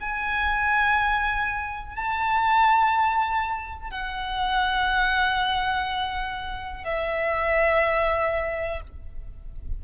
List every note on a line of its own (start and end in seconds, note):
0.00 1.95 G#5
1.95 3.90 A5
3.90 6.84 F#5
6.84 8.81 E5